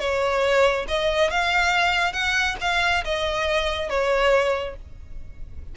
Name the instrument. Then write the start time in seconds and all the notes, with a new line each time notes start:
violin
0.00 C#5
0.88 D#5
1.31 F5
2.13 F#5
2.61 F5
3.05 D#5
3.89 C#5